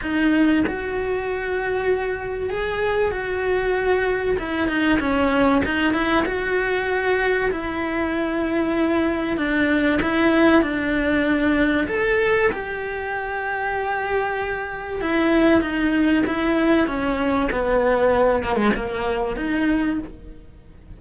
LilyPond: \new Staff \with { instrumentName = "cello" } { \time 4/4 \tempo 4 = 96 dis'4 fis'2. | gis'4 fis'2 e'8 dis'8 | cis'4 dis'8 e'8 fis'2 | e'2. d'4 |
e'4 d'2 a'4 | g'1 | e'4 dis'4 e'4 cis'4 | b4. ais16 gis16 ais4 dis'4 | }